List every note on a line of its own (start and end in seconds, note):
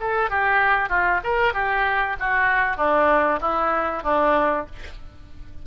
0.00 0.30 A4
0.30 0.89 G4
0.89 1.20 F4
1.24 1.54 A#4
1.54 2.16 G4
2.20 2.77 F#4
2.77 3.39 D4
3.41 4.03 E4
4.03 4.66 D4